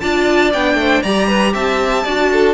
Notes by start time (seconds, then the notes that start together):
0.00 D4 F4 D5 A5
0.53 B3 D4 G5
0.75 A3 C5
1.03 G3 G4 D5 A#5
1.28 B4
1.53 C4 E5 A5
2.04 D4 F#4 D5
2.32 A4